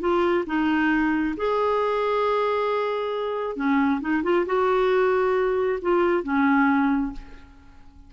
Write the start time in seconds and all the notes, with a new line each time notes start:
0.00 F4
0.46 D#4
1.37 G#4
3.56 C#4
4.01 D#4
4.23 F4
4.46 F#4
5.82 F4
6.23 C#4